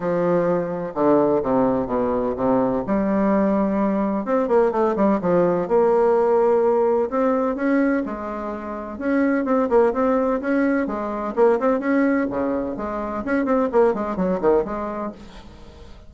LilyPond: \new Staff \with { instrumentName = "bassoon" } { \time 4/4 \tempo 4 = 127 f2 d4 c4 | b,4 c4 g2~ | g4 c'8 ais8 a8 g8 f4 | ais2. c'4 |
cis'4 gis2 cis'4 | c'8 ais8 c'4 cis'4 gis4 | ais8 c'8 cis'4 cis4 gis4 | cis'8 c'8 ais8 gis8 fis8 dis8 gis4 | }